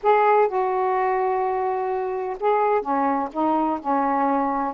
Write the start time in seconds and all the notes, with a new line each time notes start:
0.03 G#4
0.47 F#4
2.39 G#4
2.81 C#4
3.32 D#4
3.80 C#4